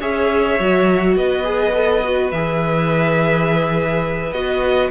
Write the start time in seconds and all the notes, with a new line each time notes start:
0.00 C#4 G#4 C#5 E5
0.59 F#3 F#4
1.16 B3 B4 D#5
1.44 G#4
1.74 A4
2.04 F#4
2.31 E3 G#4 E5
4.32 B3 F#4 D#5